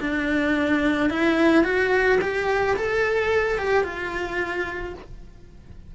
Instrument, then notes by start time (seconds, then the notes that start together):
cello
0.00 D4
1.10 E4
1.64 F#4
2.21 G4
2.76 A4
3.58 G4
3.83 F4